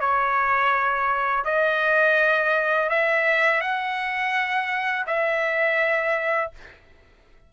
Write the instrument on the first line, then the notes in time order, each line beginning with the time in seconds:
trumpet
0.00 C#5
1.45 D#5
2.89 E5
3.61 F#5
5.07 E5